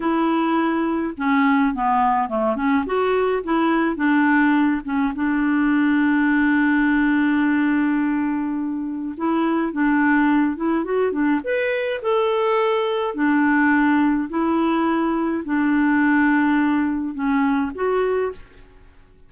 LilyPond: \new Staff \with { instrumentName = "clarinet" } { \time 4/4 \tempo 4 = 105 e'2 cis'4 b4 | a8 cis'8 fis'4 e'4 d'4~ | d'8 cis'8 d'2.~ | d'1 |
e'4 d'4. e'8 fis'8 d'8 | b'4 a'2 d'4~ | d'4 e'2 d'4~ | d'2 cis'4 fis'4 | }